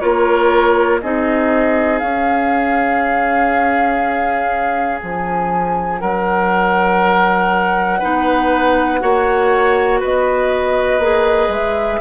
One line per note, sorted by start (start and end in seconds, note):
0.00 1.03 A#3
0.00 1.01 F4
0.00 1.01 A#4
0.00 1.00 C#5
1.01 2.01 C4
1.01 2.02 D#4
1.01 6.01 G#4
1.01 1.99 D#5
1.99 5.01 C#4
1.99 8.02 C#4
1.99 4.99 F5
5.01 6.02 F3
5.01 6.00 G#5
6.00 8.02 F#3
6.00 7.99 A#4
6.00 10.00 F#5
7.99 9.02 B3
7.99 9.00 D#4
7.99 8.99 B4
9.00 10.02 A#3
9.00 11.00 F#4
9.00 10.00 C#5
10.00 10.99 B3
10.00 12.00 B4
10.00 11.52 D#5
10.99 11.48 A#3
10.99 12.01 G#4
11.48 11.98 G#3
11.48 12.01 E5